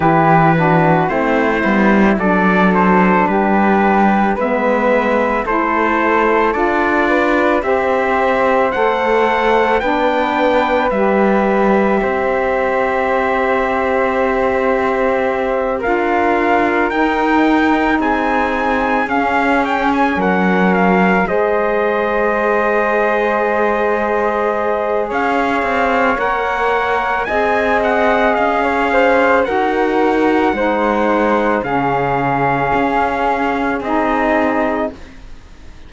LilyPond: <<
  \new Staff \with { instrumentName = "trumpet" } { \time 4/4 \tempo 4 = 55 b'4 c''4 d''8 c''8 b'4 | e''4 c''4 d''4 e''4 | fis''4 g''4 e''2~ | e''2~ e''8 f''4 g''8~ |
g''8 gis''4 f''8 g''16 gis''16 fis''8 f''8 dis''8~ | dis''2. f''4 | fis''4 gis''8 fis''8 f''4 fis''4~ | fis''4 f''2 dis''4 | }
  \new Staff \with { instrumentName = "flute" } { \time 4/4 g'8 fis'8 e'4 a'4 g'4 | b'4 a'4. b'8 c''4~ | c''4 b'2 c''4~ | c''2~ c''8 ais'4.~ |
ais'8 gis'2 ais'4 c''8~ | c''2. cis''4~ | cis''4 dis''4~ dis''16 cis''16 c''8 ais'4 | c''4 gis'2. | }
  \new Staff \with { instrumentName = "saxophone" } { \time 4/4 e'8 d'8 c'8 b8 d'2 | b4 e'4 f'4 g'4 | a'4 d'4 g'2~ | g'2~ g'8 f'4 dis'8~ |
dis'4. cis'2 gis'8~ | gis'1 | ais'4 gis'2 fis'4 | dis'4 cis'2 dis'4 | }
  \new Staff \with { instrumentName = "cello" } { \time 4/4 e4 a8 g8 fis4 g4 | gis4 a4 d'4 c'4 | a4 b4 g4 c'4~ | c'2~ c'8 d'4 dis'8~ |
dis'8 c'4 cis'4 fis4 gis8~ | gis2. cis'8 c'8 | ais4 c'4 cis'4 dis'4 | gis4 cis4 cis'4 c'4 | }
>>